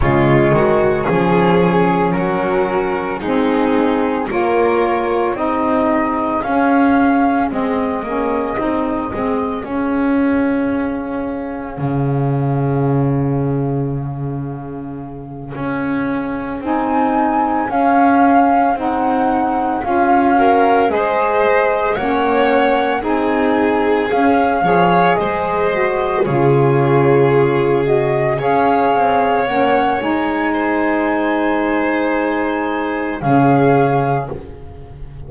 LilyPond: <<
  \new Staff \with { instrumentName = "flute" } { \time 4/4 \tempo 4 = 56 cis''4 gis'4 ais'4 gis'4 | cis''4 dis''4 f''4 dis''4~ | dis''4 f''2.~ | f''2.~ f''8 gis''8~ |
gis''8 f''4 fis''4 f''4 dis''8~ | dis''8 fis''4 gis''4 f''4 dis''8~ | dis''8 cis''4. dis''8 f''4 fis''8 | gis''2. f''4 | }
  \new Staff \with { instrumentName = "violin" } { \time 4/4 f'8 fis'8 gis'4 fis'4 dis'4 | ais'4 gis'2.~ | gis'1~ | gis'1~ |
gis'2. ais'8 c''8~ | c''8 cis''4 gis'4. cis''8 c''8~ | c''8 gis'2 cis''4.~ | cis''8 c''2~ c''8 gis'4 | }
  \new Staff \with { instrumentName = "saxophone" } { \time 4/4 gis4 cis'2 c'4 | f'4 dis'4 cis'4 c'8 cis'8 | dis'8 c'8 cis'2.~ | cis'2.~ cis'8 dis'8~ |
dis'8 cis'4 dis'4 f'8 fis'8 gis'8~ | gis'8 cis'4 dis'4 cis'8 gis'4 | fis'8 f'4. fis'8 gis'4 cis'8 | dis'2. cis'4 | }
  \new Staff \with { instrumentName = "double bass" } { \time 4/4 cis8 dis8 f4 fis4 gis4 | ais4 c'4 cis'4 gis8 ais8 | c'8 gis8 cis'2 cis4~ | cis2~ cis8 cis'4 c'8~ |
c'8 cis'4 c'4 cis'4 gis8~ | gis8 ais4 c'4 cis'8 f8 gis8~ | gis8 cis2 cis'8 c'8 ais8 | gis2. cis4 | }
>>